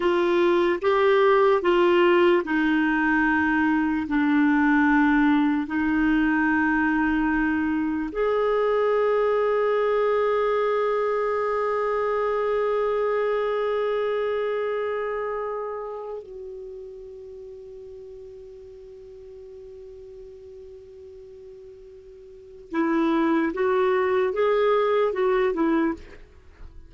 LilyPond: \new Staff \with { instrumentName = "clarinet" } { \time 4/4 \tempo 4 = 74 f'4 g'4 f'4 dis'4~ | dis'4 d'2 dis'4~ | dis'2 gis'2~ | gis'1~ |
gis'1 | fis'1~ | fis'1 | e'4 fis'4 gis'4 fis'8 e'8 | }